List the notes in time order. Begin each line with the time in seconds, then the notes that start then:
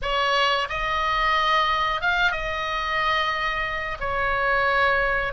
0.02 C#5
0.69 D#5
2.01 F5
2.31 D#5
4.00 C#5